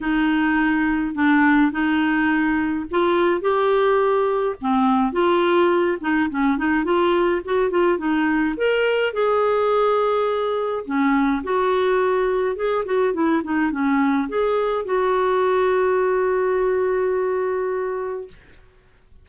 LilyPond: \new Staff \with { instrumentName = "clarinet" } { \time 4/4 \tempo 4 = 105 dis'2 d'4 dis'4~ | dis'4 f'4 g'2 | c'4 f'4. dis'8 cis'8 dis'8 | f'4 fis'8 f'8 dis'4 ais'4 |
gis'2. cis'4 | fis'2 gis'8 fis'8 e'8 dis'8 | cis'4 gis'4 fis'2~ | fis'1 | }